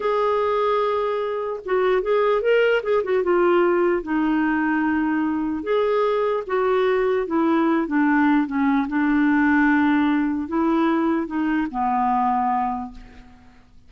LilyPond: \new Staff \with { instrumentName = "clarinet" } { \time 4/4 \tempo 4 = 149 gis'1 | fis'4 gis'4 ais'4 gis'8 fis'8 | f'2 dis'2~ | dis'2 gis'2 |
fis'2 e'4. d'8~ | d'4 cis'4 d'2~ | d'2 e'2 | dis'4 b2. | }